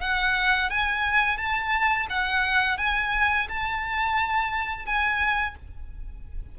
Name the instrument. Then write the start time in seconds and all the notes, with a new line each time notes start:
violin
0.00 F#5
0.70 G#5
1.37 A5
2.09 F#5
2.77 G#5
3.48 A5
4.85 G#5